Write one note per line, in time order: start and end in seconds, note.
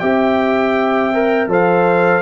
0.00 1.48 C4
0.00 1.13 G4
0.00 1.50 E5
0.00 1.48 G5
1.14 1.49 A#4
1.48 2.22 F3
1.48 2.23 A4
1.48 2.23 C5
1.48 2.23 F5